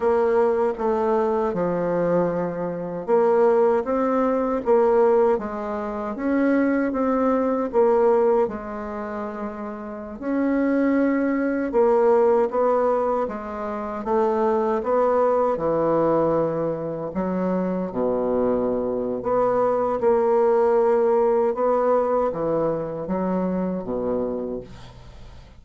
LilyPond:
\new Staff \with { instrumentName = "bassoon" } { \time 4/4 \tempo 4 = 78 ais4 a4 f2 | ais4 c'4 ais4 gis4 | cis'4 c'4 ais4 gis4~ | gis4~ gis16 cis'2 ais8.~ |
ais16 b4 gis4 a4 b8.~ | b16 e2 fis4 b,8.~ | b,4 b4 ais2 | b4 e4 fis4 b,4 | }